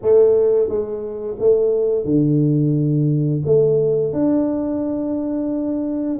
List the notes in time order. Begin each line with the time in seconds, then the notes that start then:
0.02 A3
0.68 G#3
1.39 A3
2.04 D3
3.45 A3
4.12 D4